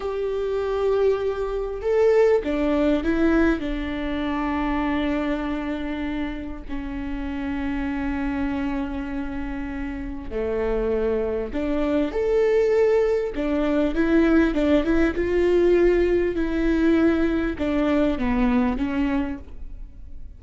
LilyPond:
\new Staff \with { instrumentName = "viola" } { \time 4/4 \tempo 4 = 99 g'2. a'4 | d'4 e'4 d'2~ | d'2. cis'4~ | cis'1~ |
cis'4 a2 d'4 | a'2 d'4 e'4 | d'8 e'8 f'2 e'4~ | e'4 d'4 b4 cis'4 | }